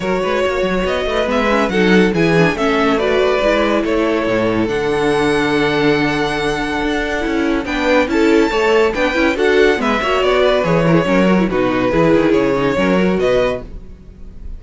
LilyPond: <<
  \new Staff \with { instrumentName = "violin" } { \time 4/4 \tempo 4 = 141 cis''2 dis''4 e''4 | fis''4 gis''4 e''4 d''4~ | d''4 cis''2 fis''4~ | fis''1~ |
fis''2 g''4 a''4~ | a''4 g''4 fis''4 e''4 | d''4 cis''2 b'4~ | b'4 cis''2 dis''4 | }
  \new Staff \with { instrumentName = "violin" } { \time 4/4 ais'8 b'8 cis''4. b'4. | a'4 gis'4 a'4 b'4~ | b'4 a'2.~ | a'1~ |
a'2 b'4 a'4 | cis''4 b'4 a'4 b'8 cis''8~ | cis''8 b'4 ais'16 gis'16 ais'4 fis'4 | gis'2 ais'4 b'4 | }
  \new Staff \with { instrumentName = "viola" } { \time 4/4 fis'2. b8 cis'8 | dis'4 e'8 d'8 cis'4 fis'4 | e'2. d'4~ | d'1~ |
d'4 e'4 d'4 e'4 | a'4 d'8 e'8 fis'4 b8 fis'8~ | fis'4 gis'8 e'8 cis'8 fis'16 e'16 dis'4 | e'4. dis'8 cis'8 fis'4. | }
  \new Staff \with { instrumentName = "cello" } { \time 4/4 fis8 gis8 ais8 fis8 b8 a8 gis4 | fis4 e4 a2 | gis4 a4 a,4 d4~ | d1 |
d'4 cis'4 b4 cis'4 | a4 b8 cis'8 d'4 gis8 ais8 | b4 e4 fis4 b,4 | e8 dis8 cis4 fis4 b,4 | }
>>